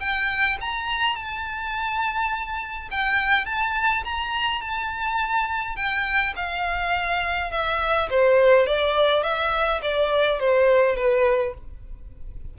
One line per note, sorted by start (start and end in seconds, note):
0.00 0.58 G5
0.61 1.16 A#5
1.16 2.89 A5
2.91 3.46 G5
3.46 4.04 A5
4.05 4.61 A#5
4.61 5.76 A5
5.76 6.34 G5
6.36 7.52 F5
7.52 8.09 E5
8.10 8.66 C5
8.66 9.23 D5
9.23 9.81 E5
9.82 10.40 D5
10.40 10.96 C5
10.96 11.54 B4